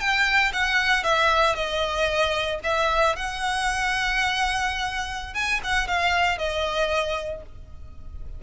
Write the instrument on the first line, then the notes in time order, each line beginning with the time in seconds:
violin
0.00 G5
0.53 F#5
1.04 E5
1.56 D#5
2.64 E5
3.16 F#5
5.34 G#5
5.64 F#5
5.88 F5
6.38 D#5